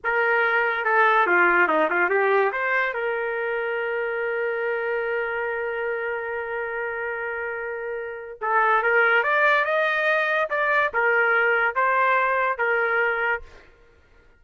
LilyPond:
\new Staff \with { instrumentName = "trumpet" } { \time 4/4 \tempo 4 = 143 ais'2 a'4 f'4 | dis'8 f'8 g'4 c''4 ais'4~ | ais'1~ | ais'1~ |
ais'1 | a'4 ais'4 d''4 dis''4~ | dis''4 d''4 ais'2 | c''2 ais'2 | }